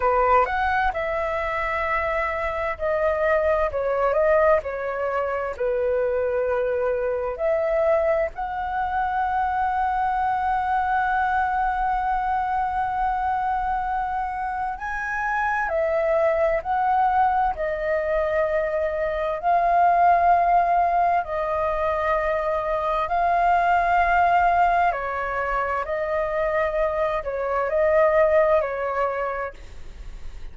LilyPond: \new Staff \with { instrumentName = "flute" } { \time 4/4 \tempo 4 = 65 b'8 fis''8 e''2 dis''4 | cis''8 dis''8 cis''4 b'2 | e''4 fis''2.~ | fis''1 |
gis''4 e''4 fis''4 dis''4~ | dis''4 f''2 dis''4~ | dis''4 f''2 cis''4 | dis''4. cis''8 dis''4 cis''4 | }